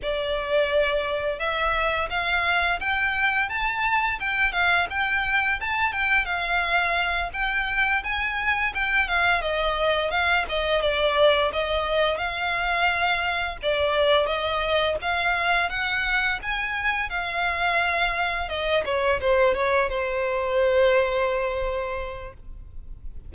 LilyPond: \new Staff \with { instrumentName = "violin" } { \time 4/4 \tempo 4 = 86 d''2 e''4 f''4 | g''4 a''4 g''8 f''8 g''4 | a''8 g''8 f''4. g''4 gis''8~ | gis''8 g''8 f''8 dis''4 f''8 dis''8 d''8~ |
d''8 dis''4 f''2 d''8~ | d''8 dis''4 f''4 fis''4 gis''8~ | gis''8 f''2 dis''8 cis''8 c''8 | cis''8 c''2.~ c''8 | }